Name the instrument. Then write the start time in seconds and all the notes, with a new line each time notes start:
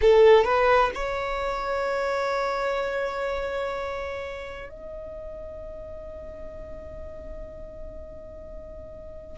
violin
0.01 A4
0.44 B4
0.94 C#5
4.69 D#5